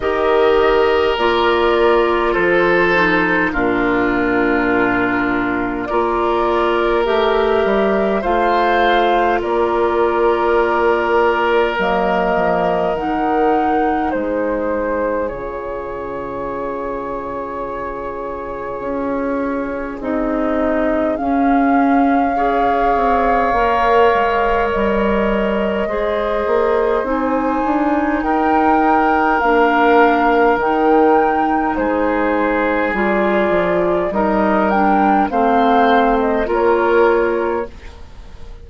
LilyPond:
<<
  \new Staff \with { instrumentName = "flute" } { \time 4/4 \tempo 4 = 51 dis''4 d''4 c''4 ais'4~ | ais'4 d''4 e''4 f''4 | d''2 dis''4 fis''4 | c''4 cis''2.~ |
cis''4 dis''4 f''2~ | f''4 dis''2 gis''4 | g''4 f''4 g''4 c''4 | d''4 dis''8 g''8 f''8. dis''16 cis''4 | }
  \new Staff \with { instrumentName = "oboe" } { \time 4/4 ais'2 a'4 f'4~ | f'4 ais'2 c''4 | ais'1 | gis'1~ |
gis'2. cis''4~ | cis''2 c''2 | ais'2. gis'4~ | gis'4 ais'4 c''4 ais'4 | }
  \new Staff \with { instrumentName = "clarinet" } { \time 4/4 g'4 f'4. dis'8 d'4~ | d'4 f'4 g'4 f'4~ | f'2 ais4 dis'4~ | dis'4 f'2.~ |
f'4 dis'4 cis'4 gis'4 | ais'2 gis'4 dis'4~ | dis'4 d'4 dis'2 | f'4 dis'8 d'8 c'4 f'4 | }
  \new Staff \with { instrumentName = "bassoon" } { \time 4/4 dis4 ais4 f4 ais,4~ | ais,4 ais4 a8 g8 a4 | ais2 fis8 f8 dis4 | gis4 cis2. |
cis'4 c'4 cis'4. c'8 | ais8 gis8 g4 gis8 ais8 c'8 d'8 | dis'4 ais4 dis4 gis4 | g8 f8 g4 a4 ais4 | }
>>